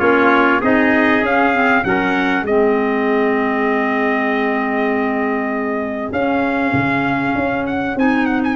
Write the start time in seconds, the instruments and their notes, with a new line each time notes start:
0.00 tuba A#3, clarinet C#4, trumpet F4 C#5
0.61 tuba C4, clarinet D#4, trumpet G#4 D#5
1.22 tuba C#4, clarinet C#4, trumpet F5
1.53 clarinet C4
1.85 tuba F#3, clarinet C#4, trumpet A#4 F#5
2.43 tuba G#3, clarinet C4, trumpet G#4 D#5
6.12 tuba C#4, clarinet C#4, trumpet F5
6.74 tuba C#3
7.35 tuba C#4
7.67 trumpet F#5
7.96 tuba C4, clarinet D#4, trumpet G#5
8.26 trumpet F#5
8.44 trumpet G#5